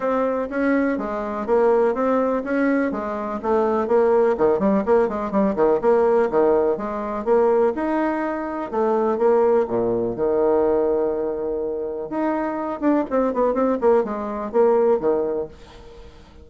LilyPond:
\new Staff \with { instrumentName = "bassoon" } { \time 4/4 \tempo 4 = 124 c'4 cis'4 gis4 ais4 | c'4 cis'4 gis4 a4 | ais4 dis8 g8 ais8 gis8 g8 dis8 | ais4 dis4 gis4 ais4 |
dis'2 a4 ais4 | ais,4 dis2.~ | dis4 dis'4. d'8 c'8 b8 | c'8 ais8 gis4 ais4 dis4 | }